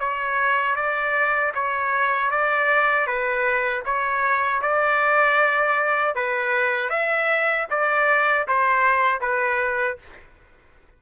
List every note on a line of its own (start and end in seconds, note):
0.00 0.76 C#5
0.76 1.53 D5
1.55 2.31 C#5
2.31 3.07 D5
3.07 3.84 B4
3.85 4.62 C#5
4.62 6.15 D5
6.15 6.90 B4
6.90 7.67 E5
7.70 8.47 D5
8.48 9.21 C5
9.21 9.98 B4